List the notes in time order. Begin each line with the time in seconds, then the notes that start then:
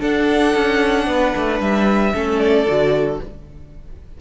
0.00 D4 A4 F#5
0.55 C#4
1.07 B3 B4
1.37 A3
1.60 G3 E5
2.14 A3 C#4 A4
2.39 D5
2.67 D3 F#4